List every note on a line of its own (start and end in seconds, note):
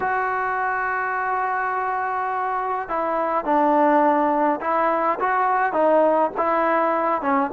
0.00 2.88 F#4
2.88 3.44 E4
3.44 4.60 D4
4.60 5.18 E4
5.19 5.73 F#4
5.73 6.30 D#4
6.37 7.21 E4
7.21 7.50 C#4